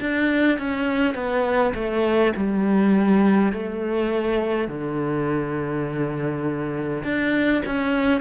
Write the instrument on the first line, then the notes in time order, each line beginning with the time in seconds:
cello
0.00 D4
0.58 C#4
1.14 B3
1.74 A3
2.36 G3
3.52 A3
4.67 D3
7.04 D4
7.66 C#4